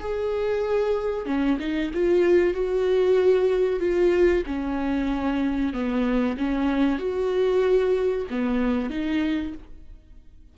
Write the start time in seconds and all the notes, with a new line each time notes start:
0.00 G#4
1.26 C#4
1.60 D#4
1.94 F4
2.54 F#4
3.80 F4
4.47 C#4
5.74 B3
6.38 C#4
6.99 F#4
8.30 B3
8.90 D#4